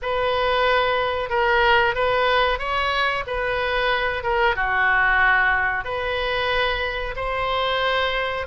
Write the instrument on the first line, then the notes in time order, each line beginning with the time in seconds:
oboe
0.02 B4
1.29 A#4
1.94 B4
2.58 C#5
3.26 B4
4.23 A#4
4.55 F#4
5.84 B4
7.16 C5